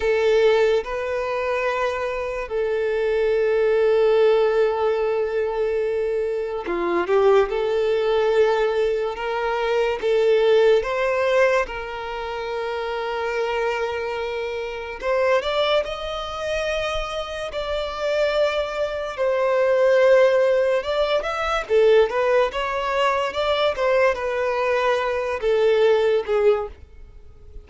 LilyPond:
\new Staff \with { instrumentName = "violin" } { \time 4/4 \tempo 4 = 72 a'4 b'2 a'4~ | a'1 | f'8 g'8 a'2 ais'4 | a'4 c''4 ais'2~ |
ais'2 c''8 d''8 dis''4~ | dis''4 d''2 c''4~ | c''4 d''8 e''8 a'8 b'8 cis''4 | d''8 c''8 b'4. a'4 gis'8 | }